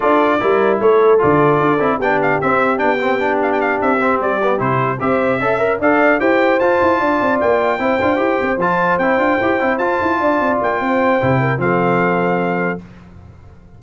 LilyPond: <<
  \new Staff \with { instrumentName = "trumpet" } { \time 4/4 \tempo 4 = 150 d''2 cis''4 d''4~ | d''4 g''8 f''8 e''4 g''4~ | g''8 f''16 g''16 f''8 e''4 d''4 c''8~ | c''8 e''2 f''4 g''8~ |
g''8 a''2 g''4.~ | g''4. a''4 g''4.~ | g''8 a''2 g''4.~ | g''4 f''2. | }
  \new Staff \with { instrumentName = "horn" } { \time 4/4 a'4 ais'4 a'2~ | a'4 g'2.~ | g'1~ | g'8 c''4 e''4 d''4 c''8~ |
c''4. d''2 c''8~ | c''1~ | c''4. d''4. c''4~ | c''8 ais'8 a'2. | }
  \new Staff \with { instrumentName = "trombone" } { \time 4/4 f'4 e'2 f'4~ | f'8 e'8 d'4 c'4 d'8 c'8 | d'2 c'4 b8 e'8~ | e'8 g'4 a'8 ais'8 a'4 g'8~ |
g'8 f'2. e'8 | f'8 g'4 f'4 e'8 f'8 g'8 | e'8 f'2.~ f'8 | e'4 c'2. | }
  \new Staff \with { instrumentName = "tuba" } { \time 4/4 d'4 g4 a4 d4 | d'8 c'8 b4 c'4 b4~ | b4. c'4 g4 c8~ | c8 c'4 cis'4 d'4 e'8~ |
e'8 f'8 e'8 d'8 c'8 ais4 c'8 | d'8 e'8 c'8 f4 c'8 d'8 e'8 | c'8 f'8 e'8 d'8 c'8 ais8 c'4 | c4 f2. | }
>>